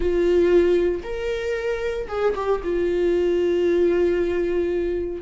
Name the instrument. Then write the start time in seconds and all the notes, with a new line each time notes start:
viola
0.00 F4
1.03 A#4
2.08 G#4
2.35 G4
2.63 F4